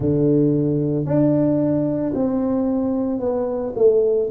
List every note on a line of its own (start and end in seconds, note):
0.00 1.05 D3
1.05 2.12 D4
2.14 3.19 C4
3.19 3.73 B3
3.75 4.29 A3